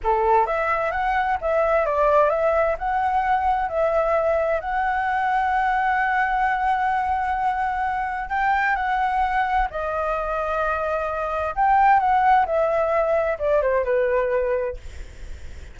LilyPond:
\new Staff \with { instrumentName = "flute" } { \time 4/4 \tempo 4 = 130 a'4 e''4 fis''4 e''4 | d''4 e''4 fis''2 | e''2 fis''2~ | fis''1~ |
fis''2 g''4 fis''4~ | fis''4 dis''2.~ | dis''4 g''4 fis''4 e''4~ | e''4 d''8 c''8 b'2 | }